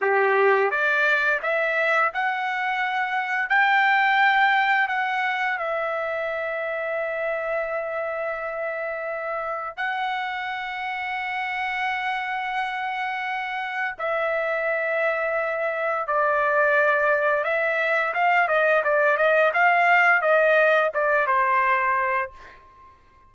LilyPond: \new Staff \with { instrumentName = "trumpet" } { \time 4/4 \tempo 4 = 86 g'4 d''4 e''4 fis''4~ | fis''4 g''2 fis''4 | e''1~ | e''2 fis''2~ |
fis''1 | e''2. d''4~ | d''4 e''4 f''8 dis''8 d''8 dis''8 | f''4 dis''4 d''8 c''4. | }